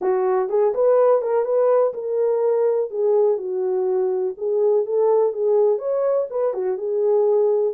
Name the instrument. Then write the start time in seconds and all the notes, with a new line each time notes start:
horn
0.01 F#4
0.49 G#4
0.74 B4
1.21 A#4
1.44 B4
1.93 A#4
2.90 G#4
3.37 F#4
4.37 G#4
4.85 A4
5.32 G#4
5.78 C#5
6.29 B4
6.53 F#4
6.77 G#4